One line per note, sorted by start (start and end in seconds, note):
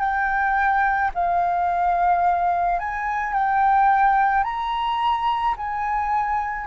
0.00 1.11 G5
1.15 2.80 F5
2.80 3.34 G#5
3.34 4.44 G5
4.44 5.56 A#5
5.58 6.67 G#5